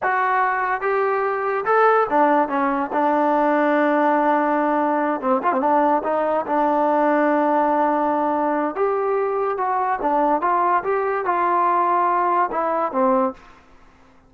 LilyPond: \new Staff \with { instrumentName = "trombone" } { \time 4/4 \tempo 4 = 144 fis'2 g'2 | a'4 d'4 cis'4 d'4~ | d'1~ | d'8 c'8 f'16 c'16 d'4 dis'4 d'8~ |
d'1~ | d'4 g'2 fis'4 | d'4 f'4 g'4 f'4~ | f'2 e'4 c'4 | }